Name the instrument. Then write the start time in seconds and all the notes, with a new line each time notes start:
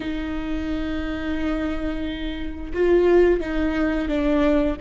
viola
0.00 D#4
2.73 F4
3.40 D#4
4.08 D4